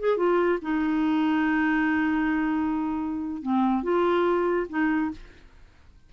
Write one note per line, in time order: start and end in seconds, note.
0.00 0.17 G#4
0.17 0.59 F4
0.62 3.43 D#4
3.43 3.83 C4
3.83 4.67 F4
4.70 5.12 D#4